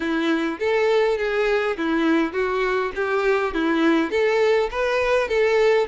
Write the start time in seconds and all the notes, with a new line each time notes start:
0.00 E4
0.59 A4
1.18 G#4
1.77 E4
2.33 F#4
2.95 G4
3.53 E4
4.10 A4
4.71 B4
5.28 A4